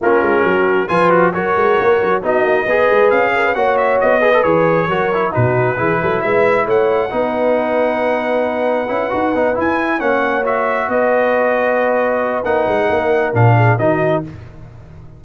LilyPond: <<
  \new Staff \with { instrumentName = "trumpet" } { \time 4/4 \tempo 4 = 135 ais'2 gis''8 fis'8 cis''4~ | cis''4 dis''2 f''4 | fis''8 e''8 dis''4 cis''2 | b'2 e''4 fis''4~ |
fis''1~ | fis''4. gis''4 fis''4 e''8~ | e''8 dis''2.~ dis''8 | fis''2 f''4 dis''4 | }
  \new Staff \with { instrumentName = "horn" } { \time 4/4 f'4 fis'4 b'4 ais'4~ | ais'4 fis'4 b'4. ais'16 b'16 | cis''4. b'4. ais'4 | fis'4 gis'8 a'8 b'4 cis''4 |
b'1~ | b'2~ b'8 cis''4.~ | cis''8 b'2.~ b'8~ | b'4 ais'4. gis'8 fis'4 | }
  \new Staff \with { instrumentName = "trombone" } { \time 4/4 cis'2 f'4 fis'4~ | fis'4 dis'4 gis'2 | fis'4. gis'16 a'16 gis'4 fis'8 e'8 | dis'4 e'2. |
dis'1 | e'8 fis'8 dis'8 e'4 cis'4 fis'8~ | fis'1 | dis'2 d'4 dis'4 | }
  \new Staff \with { instrumentName = "tuba" } { \time 4/4 ais8 gis8 fis4 f4 fis8 gis8 | ais8 fis8 b8 ais8 b8 gis8 cis'4 | ais4 b4 e4 fis4 | b,4 e8 fis8 gis4 a4 |
b1 | cis'8 dis'8 b8 e'4 ais4.~ | ais8 b2.~ b8 | ais8 gis8 ais4 ais,4 dis4 | }
>>